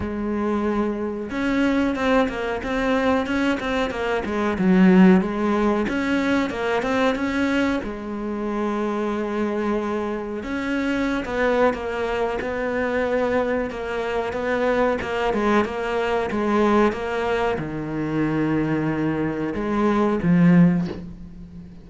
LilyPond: \new Staff \with { instrumentName = "cello" } { \time 4/4 \tempo 4 = 92 gis2 cis'4 c'8 ais8 | c'4 cis'8 c'8 ais8 gis8 fis4 | gis4 cis'4 ais8 c'8 cis'4 | gis1 |
cis'4~ cis'16 b8. ais4 b4~ | b4 ais4 b4 ais8 gis8 | ais4 gis4 ais4 dis4~ | dis2 gis4 f4 | }